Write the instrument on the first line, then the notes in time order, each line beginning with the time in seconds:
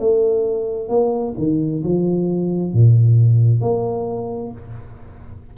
tuba
0.00 A3
0.89 A#3
1.38 D#3
1.84 F3
2.74 A#2
3.62 A#3